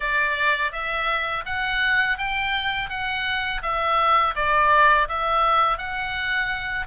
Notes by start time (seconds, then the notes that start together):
0.00 D5
0.72 E5
1.45 F#5
2.18 G5
2.89 F#5
3.62 E5
4.35 D5
5.08 E5
5.78 F#5